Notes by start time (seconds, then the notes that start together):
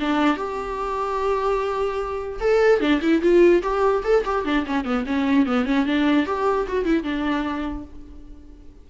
0.00 D4
0.37 G4
2.40 A4
2.81 D4
3.02 E4
3.22 F4
3.63 G4
4.04 A4
4.25 G4
4.45 D4
4.66 C#4
4.85 B3
5.07 C#4
5.46 B3
5.66 C#4
5.86 D4
6.27 G4
6.68 F#4
6.85 E4
7.03 D4